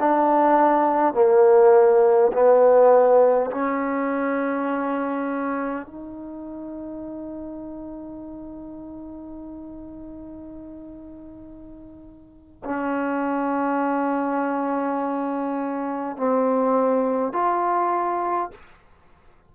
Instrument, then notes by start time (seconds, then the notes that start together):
trombone
0.00 D4
1.14 A#3
2.33 B3
3.51 C#4
5.86 D#4
12.65 C#4
16.17 C4
17.33 F4